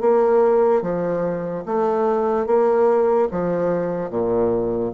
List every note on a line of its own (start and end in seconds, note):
0.00 0.82 A#3
0.82 1.64 F3
1.65 2.46 A3
2.46 3.28 A#3
3.31 4.09 F3
4.09 4.92 A#2